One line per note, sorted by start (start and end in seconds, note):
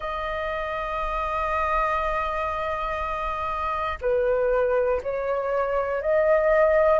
0.00 3.98 D#5
4.01 5.01 B4
5.02 6.01 C#5
6.01 6.99 D#5